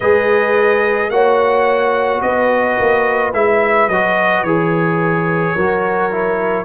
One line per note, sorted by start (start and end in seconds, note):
0.00 1.09 G#3
0.00 1.11 G#4
0.00 1.11 B4
0.00 1.10 D#5
1.09 2.20 A#3
1.09 3.33 F#4
1.09 2.23 C#5
1.09 2.21 F#5
2.21 2.78 B3
2.21 5.55 B4
2.21 3.32 D#5
2.79 3.33 A#3
3.33 3.88 G#3
3.33 3.88 E4
3.33 3.88 E5
3.88 4.43 F#3
3.88 4.46 F#4
3.88 4.43 D#5
4.43 5.54 E3
4.43 5.57 G#4
4.43 6.65 C#5
5.55 6.65 F#3
5.55 6.11 F#4
5.55 6.65 A#4
6.11 6.65 E4